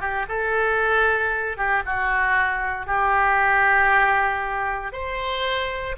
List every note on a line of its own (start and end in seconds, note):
0.00 0.26 G4
0.28 1.57 A4
1.57 1.83 G4
1.85 2.86 F#4
2.86 4.92 G4
4.92 5.95 C5